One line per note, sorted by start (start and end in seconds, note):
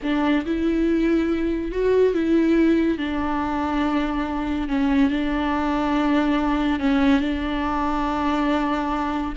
0.02 0.45 D4
0.45 1.71 E4
1.71 2.14 F#4
2.14 2.98 E4
2.98 4.68 D4
4.68 5.10 C#4
5.10 6.79 D4
6.79 7.20 C#4
7.20 9.33 D4